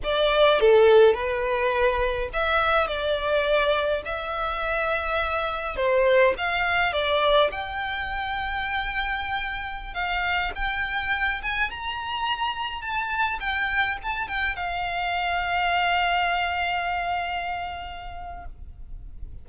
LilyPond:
\new Staff \with { instrumentName = "violin" } { \time 4/4 \tempo 4 = 104 d''4 a'4 b'2 | e''4 d''2 e''4~ | e''2 c''4 f''4 | d''4 g''2.~ |
g''4~ g''16 f''4 g''4. gis''16~ | gis''16 ais''2 a''4 g''8.~ | g''16 a''8 g''8 f''2~ f''8.~ | f''1 | }